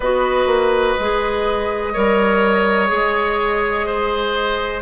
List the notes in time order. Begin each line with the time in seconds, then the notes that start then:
0.00 B3 F#4 B4 D#5
0.46 A#3
0.99 G#3 G#4
1.93 G3 A#4 C#5
2.87 G#3 G#4
3.86 C5